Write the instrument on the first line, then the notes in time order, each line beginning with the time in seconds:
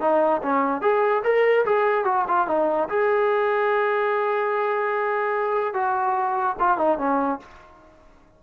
trombone
0.00 D#4
0.42 C#4
0.81 G#4
1.23 A#4
1.65 G#4
2.04 F#4
2.27 F4
2.47 D#4
2.89 G#4
5.73 F#4
6.59 F4
6.78 D#4
6.98 C#4